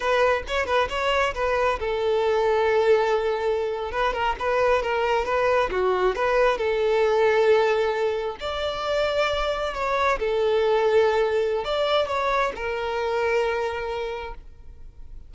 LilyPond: \new Staff \with { instrumentName = "violin" } { \time 4/4 \tempo 4 = 134 b'4 cis''8 b'8 cis''4 b'4 | a'1~ | a'8. b'8 ais'8 b'4 ais'4 b'16~ | b'8. fis'4 b'4 a'4~ a'16~ |
a'2~ a'8. d''4~ d''16~ | d''4.~ d''16 cis''4 a'4~ a'16~ | a'2 d''4 cis''4 | ais'1 | }